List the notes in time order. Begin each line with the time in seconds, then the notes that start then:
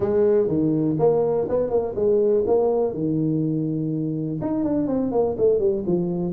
0.00 G#3
0.47 D#3
0.98 A#3
1.49 B3
1.70 A#3
1.95 G#3
2.47 A#3
2.93 D#3
4.41 D#4
4.64 D4
4.87 C4
5.11 A#3
5.37 A3
5.59 G3
5.86 F3